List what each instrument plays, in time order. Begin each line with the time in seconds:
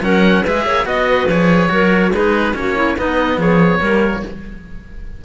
0.00 cello F#3 C#4, clarinet A#4, oboe F#5
0.44 cello G#3 G#4, clarinet B4, oboe E5
0.66 cello A#3, clarinet C#5
0.85 cello B3 F#4, oboe D#5, clarinet D#5
1.07 clarinet B4
1.27 cello F3 G#4, oboe C#5
1.69 cello F#3 F#4, clarinet A#4
2.12 cello G#3 D#4, clarinet G#4, oboe B4
2.54 cello A#3 C#4, clarinet F#4, oboe C#5
2.76 clarinet E4
2.97 cello B3, clarinet D#4, oboe D#5
3.37 cello F3, clarinet G#4, oboe C#5
3.80 cello G3 A#3, clarinet A#4